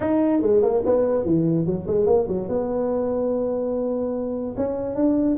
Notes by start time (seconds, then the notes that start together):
0.00 D#4
0.41 G#3
0.62 A#3
0.85 B3
1.24 E3
1.66 F#3
1.87 G#3
2.06 A#3
2.27 F#3
2.48 B3
4.56 C#4
4.95 D4